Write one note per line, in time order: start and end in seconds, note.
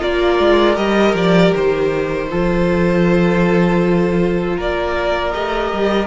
0.00 0.39 A#3
0.00 0.76 F4
0.00 2.28 A#4
0.00 0.76 D5
0.39 0.77 G#3
0.76 1.14 G3
0.76 2.28 G4
0.76 1.14 D#5
1.14 1.52 F3
1.14 1.54 D5
1.55 2.31 D#3
1.55 4.59 C5
2.30 4.58 F3
2.30 5.33 F4
2.30 4.56 A4
4.56 5.34 A#3
4.56 6.07 A#4
4.56 5.33 D5
5.33 5.72 A3
5.33 6.07 G4
5.33 6.07 D#5
5.72 6.07 G3